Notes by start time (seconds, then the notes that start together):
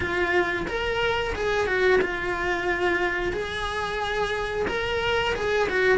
0.00 F4
0.67 A#4
1.35 G#4
1.66 F#4
2.01 F4
3.32 G#4
4.67 A#4
5.35 G#4
5.68 F#4